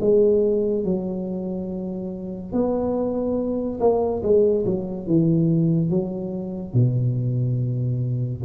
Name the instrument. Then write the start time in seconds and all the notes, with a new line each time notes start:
tuba
0.00 G#3
0.85 F#3
2.52 B3
3.80 A#3
4.23 G#3
4.66 F#3
5.07 E3
5.90 F#3
6.73 B2